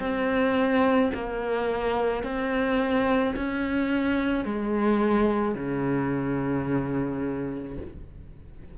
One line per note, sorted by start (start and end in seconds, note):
0.00 1.11 C4
1.14 2.24 A#3
2.24 3.35 C4
3.36 4.45 C#4
4.45 5.55 G#3
5.55 7.77 C#3